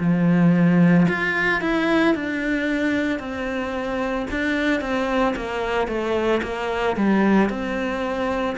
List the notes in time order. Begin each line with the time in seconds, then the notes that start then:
0.00 F3
1.09 F4
1.62 E4
2.15 D4
3.20 C4
4.31 D4
4.82 C4
5.36 A#3
5.88 A3
6.43 A#3
6.97 G3
7.50 C4